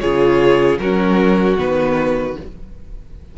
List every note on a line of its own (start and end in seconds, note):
0.00 0.79 C#3
0.00 0.80 F4
0.00 0.79 G#4
0.00 0.78 C#5
0.79 1.56 F#3
0.79 1.58 C#4
0.79 2.38 F#4
0.79 1.56 A#4
1.58 2.37 D#3
1.58 2.36 B3
1.58 2.37 B4